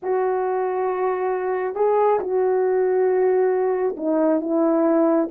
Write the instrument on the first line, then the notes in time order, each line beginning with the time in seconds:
horn
0.02 F#4
1.75 G#4
2.19 F#4
3.96 D#4
4.40 E4